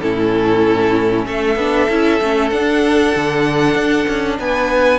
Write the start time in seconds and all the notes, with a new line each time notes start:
0.00 A2 C#4 E4 A4
1.25 A3 A4 E5
1.55 B3 D4
1.89 C#4 E4
2.21 A3 C#4
2.49 D4 F#5
3.15 D3
3.76 D4
4.08 C#4
4.39 B3 B4 G#5